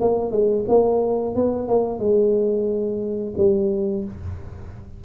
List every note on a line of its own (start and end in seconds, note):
0.00 0.31 A#3
0.31 0.64 G#3
0.68 1.35 A#3
1.35 1.68 B3
1.68 1.99 A#3
1.99 3.34 G#3
3.37 4.04 G3